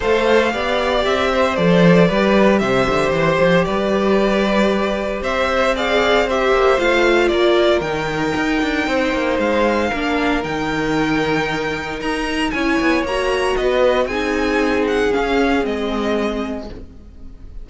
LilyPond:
<<
  \new Staff \with { instrumentName = "violin" } { \time 4/4 \tempo 4 = 115 f''2 e''4 d''4~ | d''4 e''4 c''4 d''4~ | d''2 e''4 f''4 | e''4 f''4 d''4 g''4~ |
g''2 f''2 | g''2. ais''4 | gis''4 ais''4 dis''4 gis''4~ | gis''8 fis''8 f''4 dis''2 | }
  \new Staff \with { instrumentName = "violin" } { \time 4/4 c''4 d''4. c''4. | b'4 c''2 b'4~ | b'2 c''4 d''4 | c''2 ais'2~ |
ais'4 c''2 ais'4~ | ais'1 | cis''2 b'4 gis'4~ | gis'1 | }
  \new Staff \with { instrumentName = "viola" } { \time 4/4 a'4 g'2 a'4 | g'1~ | g'2. gis'4 | g'4 f'2 dis'4~ |
dis'2. d'4 | dis'1 | e'4 fis'2 dis'4~ | dis'4 cis'4 c'2 | }
  \new Staff \with { instrumentName = "cello" } { \time 4/4 a4 b4 c'4 f4 | g4 c8 d8 e8 f8 g4~ | g2 c'2~ | c'8 ais8 a4 ais4 dis4 |
dis'8 d'8 c'8 ais8 gis4 ais4 | dis2. dis'4 | cis'8 b8 ais4 b4 c'4~ | c'4 cis'4 gis2 | }
>>